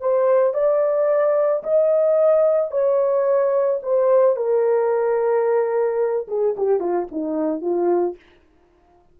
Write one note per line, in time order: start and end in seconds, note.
0.00 0.54 C5
0.54 1.63 D5
1.63 2.71 D#5
2.71 3.80 C#5
3.82 4.36 C5
4.36 6.27 A#4
6.28 6.55 G#4
6.57 6.80 G4
6.80 7.07 F4
7.11 7.61 D#4
7.61 8.16 F4